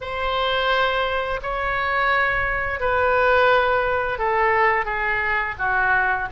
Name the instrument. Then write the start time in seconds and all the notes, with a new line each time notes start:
oboe
0.01 C5
1.42 C#5
2.80 B4
4.18 A4
4.85 G#4
5.58 F#4